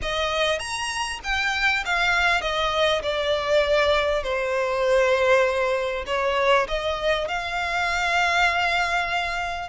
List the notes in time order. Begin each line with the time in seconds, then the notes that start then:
0.02 D#5
0.59 A#5
1.23 G5
1.85 F5
2.41 D#5
3.02 D5
4.23 C5
6.06 C#5
6.67 D#5
7.28 F5